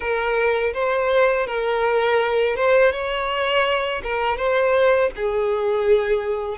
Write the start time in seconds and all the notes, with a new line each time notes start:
0.00 A#4
0.73 C5
1.46 A#4
2.56 C5
2.92 C#5
4.03 A#4
4.37 C5
5.16 G#4